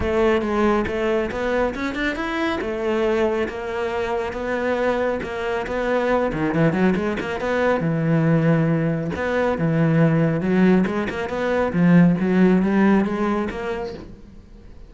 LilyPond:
\new Staff \with { instrumentName = "cello" } { \time 4/4 \tempo 4 = 138 a4 gis4 a4 b4 | cis'8 d'8 e'4 a2 | ais2 b2 | ais4 b4. dis8 e8 fis8 |
gis8 ais8 b4 e2~ | e4 b4 e2 | fis4 gis8 ais8 b4 f4 | fis4 g4 gis4 ais4 | }